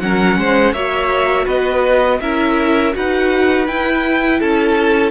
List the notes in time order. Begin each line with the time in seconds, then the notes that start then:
0.00 F#3 C#4 A#4 F#5
0.37 G#3 C5
0.73 A#3 F#4 C#5 E5
1.45 B3 B4 D#5
2.20 C#4 E4 A#4 E5
2.92 D#4 F#4 B4 F#5
3.67 E4 G5
4.39 C#4 A4 A5